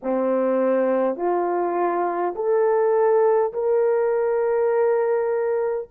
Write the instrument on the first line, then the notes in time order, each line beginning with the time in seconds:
horn
0.02 C4
1.16 F4
2.35 A4
3.53 A#4